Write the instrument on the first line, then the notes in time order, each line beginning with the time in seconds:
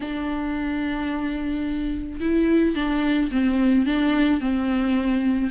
viola
0.00 D4
2.20 E4
2.75 D4
3.31 C4
3.86 D4
4.40 C4